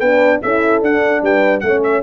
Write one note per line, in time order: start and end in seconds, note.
0.00 0.42 B3
0.00 0.44 D4
0.00 0.41 B4
0.00 0.40 G5
0.43 0.82 C#4
0.43 0.84 E4
0.43 1.23 A4
0.43 0.83 E5
0.82 1.22 D4
0.82 1.64 D4
0.82 1.24 F#5
1.22 1.63 G3
1.22 1.64 B4
1.22 1.61 G5
1.61 2.03 A3
1.61 2.03 C#4
1.61 1.81 F#5
1.67 2.03 C#5
1.84 2.03 E5